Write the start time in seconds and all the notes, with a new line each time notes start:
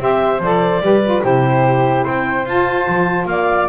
0.00 C4 G4 C5 E5
0.40 F3 A4 D5
0.81 G3 G4 B4
1.05 F4
1.23 C3 E4 G4 C5
2.04 C4 C5 G5
2.46 F4 A5
2.88 F3
3.26 A#3 D5 F5